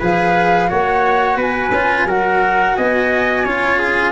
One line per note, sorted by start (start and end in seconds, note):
0.00 0.71 F3
0.00 0.68 G#4
0.00 0.69 B4
0.00 0.70 F5
0.68 1.37 A#3
0.68 1.72 F#4
0.68 1.37 C#5
0.68 1.39 F#5
1.37 1.71 B3
1.37 2.06 B4
1.37 2.10 G#5
1.72 2.06 C#4
1.72 2.08 F4
2.06 2.75 F#3
2.06 3.46 F#4
2.06 2.76 A#4
2.06 2.76 F#5
2.76 3.46 B3
2.76 3.45 D#5
2.76 4.13 G#5
3.45 4.13 C#4
3.45 4.13 F4
3.45 3.79 C#5
3.79 4.13 G#4